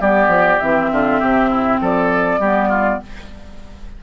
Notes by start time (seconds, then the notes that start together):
0.00 G3 B3 G4 D5
0.28 F3
0.60 E3 C4 E5
0.92 D3 F4
1.20 C3 G4
1.50 E4
1.81 F3 A4 D5
2.39 G3 B3 G4
2.69 F4